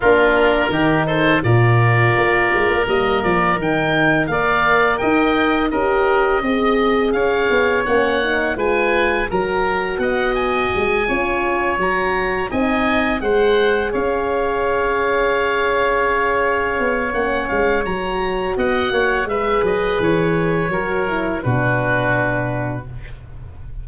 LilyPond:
<<
  \new Staff \with { instrumentName = "oboe" } { \time 4/4 \tempo 4 = 84 ais'4. c''8 d''2 | dis''8 d''8 g''4 f''4 g''4 | dis''2 f''4 fis''4 | gis''4 ais''4 fis''8 gis''4.~ |
gis''8 ais''4 gis''4 fis''4 f''8~ | f''1 | fis''8 f''8 ais''4 fis''4 e''8 dis''8 | cis''2 b'2 | }
  \new Staff \with { instrumentName = "oboe" } { \time 4/4 f'4 g'8 a'8 ais'2~ | ais'2 d''4 dis''4 | ais'4 dis''4 cis''2 | b'4 ais'4 dis''4. cis''8~ |
cis''4. dis''4 c''4 cis''8~ | cis''1~ | cis''2 dis''8 cis''8 b'4~ | b'4 ais'4 fis'2 | }
  \new Staff \with { instrumentName = "horn" } { \time 4/4 d'4 dis'4 f'2 | ais4 dis'4 ais'2 | g'4 gis'2 cis'8 dis'8 | f'4 fis'2~ fis'8 f'8~ |
f'8 fis'4 dis'4 gis'4.~ | gis'1 | cis'4 fis'2 gis'4~ | gis'4 fis'8 e'8 d'2 | }
  \new Staff \with { instrumentName = "tuba" } { \time 4/4 ais4 dis4 ais,4 ais8 gis16 ais16 | g8 f8 dis4 ais4 dis'4 | cis'4 c'4 cis'8 b8 ais4 | gis4 fis4 b4 gis8 cis'8~ |
cis'8 fis4 c'4 gis4 cis'8~ | cis'2.~ cis'8 b8 | ais8 gis8 fis4 b8 ais8 gis8 fis8 | e4 fis4 b,2 | }
>>